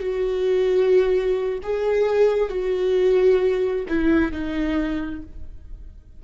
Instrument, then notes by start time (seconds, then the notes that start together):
viola
0.00 F#4
1.63 G#4
2.50 F#4
3.89 E4
4.33 D#4